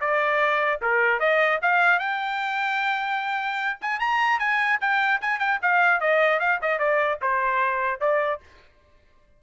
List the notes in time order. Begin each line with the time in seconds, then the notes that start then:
0.00 D5
0.81 A#4
1.19 D#5
1.62 F5
1.99 G5
3.81 G#5
3.99 A#5
4.39 G#5
4.80 G5
5.21 G#5
5.39 G5
5.62 F5
6.00 D#5
6.39 F5
6.61 D#5
6.78 D5
7.21 C5
8.00 D5